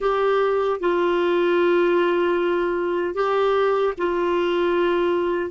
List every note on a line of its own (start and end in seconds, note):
0.00 0.79 G4
0.80 3.14 F4
3.14 3.93 G4
3.97 5.50 F4